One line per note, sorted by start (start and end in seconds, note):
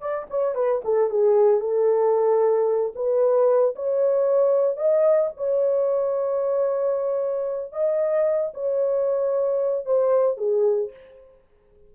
0.00 0.27 D5
0.30 0.55 C#5
0.55 0.81 B4
0.84 1.10 A4
1.10 1.60 G#4
1.60 2.93 A4
2.95 3.75 B4
3.75 4.77 C#5
4.77 5.30 D#5
5.37 7.72 C#5
7.72 8.52 D#5
8.54 9.85 C#5
9.85 10.37 C5
10.37 10.90 G#4